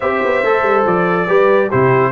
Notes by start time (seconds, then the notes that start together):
0.00 C4 G4 C5 E5
0.23 B3
0.43 A3 A4
0.62 G3
0.85 F3 D5
1.27 G3 G4 B4
1.68 C3 E4 G4 C5